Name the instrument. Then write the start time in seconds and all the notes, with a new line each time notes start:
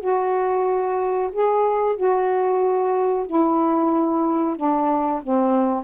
saxophone
0.00 F#4
1.32 G#4
1.96 F#4
3.26 E4
4.56 D4
5.23 C4